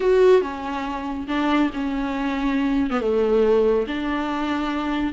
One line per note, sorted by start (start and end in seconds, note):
0.00 0.41 F#4
0.41 1.27 C#4
1.27 1.70 D4
1.73 2.90 C#4
2.90 3.00 B3
3.00 3.86 A3
3.87 5.13 D4